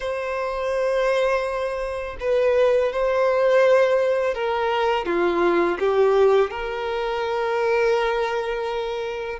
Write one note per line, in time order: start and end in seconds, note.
0.00 2.17 C5
2.20 2.92 B4
2.92 4.34 C5
4.34 5.05 A#4
5.05 5.78 F4
5.79 6.50 G4
6.50 9.39 A#4